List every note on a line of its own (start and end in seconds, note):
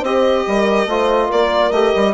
0.00 0.44 C4
0.00 0.89 G4
0.00 0.42 C5
0.00 1.31 D#5
0.47 0.86 G3
0.47 0.90 A#4
0.86 1.28 A3
0.86 1.73 F4
0.86 1.26 C5
1.26 1.71 A#3
1.26 2.11 A#4
1.26 1.72 D5
1.71 1.92 A3
1.71 2.14 G4
1.71 2.14 D#5
1.96 2.14 G3